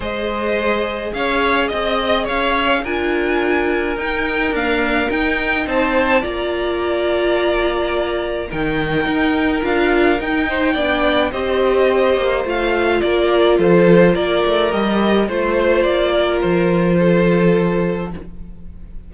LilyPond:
<<
  \new Staff \with { instrumentName = "violin" } { \time 4/4 \tempo 4 = 106 dis''2 f''4 dis''4 | f''4 gis''2 g''4 | f''4 g''4 a''4 ais''4~ | ais''2. g''4~ |
g''4 f''4 g''2 | dis''2 f''4 d''4 | c''4 d''4 dis''4 c''4 | d''4 c''2. | }
  \new Staff \with { instrumentName = "violin" } { \time 4/4 c''2 cis''4 dis''4 | cis''4 ais'2.~ | ais'2 c''4 d''4~ | d''2. ais'4~ |
ais'2~ ais'8 c''8 d''4 | c''2. ais'4 | a'4 ais'2 c''4~ | c''8 ais'4. a'2 | }
  \new Staff \with { instrumentName = "viola" } { \time 4/4 gis'1~ | gis'4 f'2 dis'4 | ais4 dis'2 f'4~ | f'2. dis'4~ |
dis'4 f'4 dis'4 d'4 | g'2 f'2~ | f'2 g'4 f'4~ | f'1 | }
  \new Staff \with { instrumentName = "cello" } { \time 4/4 gis2 cis'4 c'4 | cis'4 d'2 dis'4 | d'4 dis'4 c'4 ais4~ | ais2. dis4 |
dis'4 d'4 dis'4 b4 | c'4. ais8 a4 ais4 | f4 ais8 a8 g4 a4 | ais4 f2. | }
>>